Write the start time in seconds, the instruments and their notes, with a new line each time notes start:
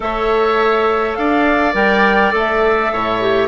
0.00 bassoon A3, clarinet A4, oboe C#5, flute E5
1.15 bassoon D4, oboe D5, flute F5
1.73 bassoon G3, clarinet A#4, flute G5
2.32 bassoon A3, clarinet A4
2.38 flute E5
2.92 bassoon A2, oboe C#5
3.20 clarinet G4